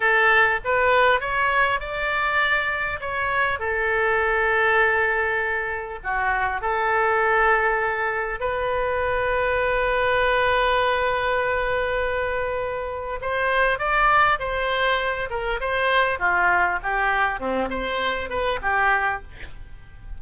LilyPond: \new Staff \with { instrumentName = "oboe" } { \time 4/4 \tempo 4 = 100 a'4 b'4 cis''4 d''4~ | d''4 cis''4 a'2~ | a'2 fis'4 a'4~ | a'2 b'2~ |
b'1~ | b'2 c''4 d''4 | c''4. ais'8 c''4 f'4 | g'4 c'8 c''4 b'8 g'4 | }